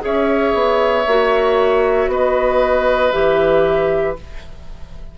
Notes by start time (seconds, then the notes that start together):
0.00 C#4 G#4 C#5 E5
0.54 B3
1.07 A#3 F#4
2.08 B3 B4 D#5
3.12 E3 G4 E5